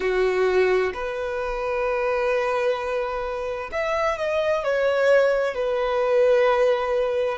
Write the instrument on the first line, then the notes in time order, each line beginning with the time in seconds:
violin
0.00 F#4
0.93 B4
3.72 E5
4.18 D#5
4.64 C#5
5.54 B4